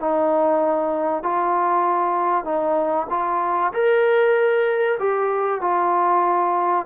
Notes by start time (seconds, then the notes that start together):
0.00 D#4
1.23 F4
2.45 D#4
3.10 F4
3.74 A#4
5.00 G4
5.61 F4